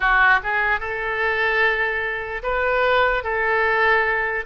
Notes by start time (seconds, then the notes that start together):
0.00 F#4
0.43 G#4
0.80 A4
2.43 B4
3.23 A4